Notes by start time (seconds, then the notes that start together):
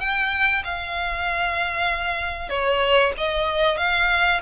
0.00 G5
0.65 F5
2.50 C#5
3.18 D#5
3.78 F5